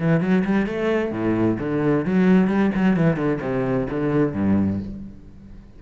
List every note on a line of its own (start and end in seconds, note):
0.00 0.21 E3
0.21 0.44 F#3
0.44 0.66 G3
0.66 1.11 A3
1.11 1.57 A2
1.59 2.05 D3
2.05 2.48 F#3
2.48 2.71 G3
2.75 2.96 F#3
2.96 3.16 E3
3.16 3.39 D3
3.41 3.87 C3
3.90 4.34 D3
4.34 4.79 G2